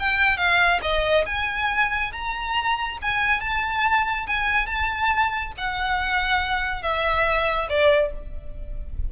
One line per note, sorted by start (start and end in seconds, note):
0.00 0.38 G5
0.38 0.80 F5
0.82 1.25 D#5
1.26 2.12 G#5
2.13 2.98 A#5
3.02 3.41 G#5
3.41 4.27 A5
4.27 4.67 G#5
4.67 5.52 A5
5.58 6.83 F#5
6.83 7.68 E5
7.70 8.13 D5